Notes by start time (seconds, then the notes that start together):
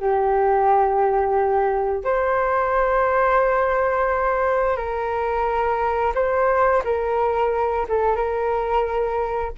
0.00 G4
2.05 C5
4.77 A#4
6.15 C5
6.85 A#4
7.89 A4
8.16 A#4